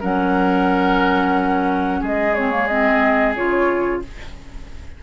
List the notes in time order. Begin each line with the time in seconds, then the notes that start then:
0.00 F#3 C#4 A#4 F#5
2.01 G#3 G#4 D#5
2.34 C4 C#5
2.51 A#3
2.67 C4 D#5
3.36 C#3 F4 C#5